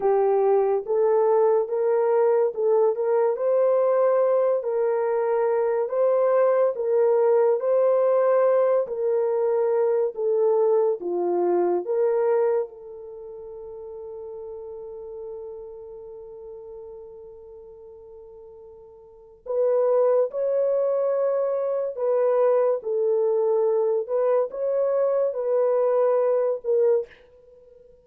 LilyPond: \new Staff \with { instrumentName = "horn" } { \time 4/4 \tempo 4 = 71 g'4 a'4 ais'4 a'8 ais'8 | c''4. ais'4. c''4 | ais'4 c''4. ais'4. | a'4 f'4 ais'4 a'4~ |
a'1~ | a'2. b'4 | cis''2 b'4 a'4~ | a'8 b'8 cis''4 b'4. ais'8 | }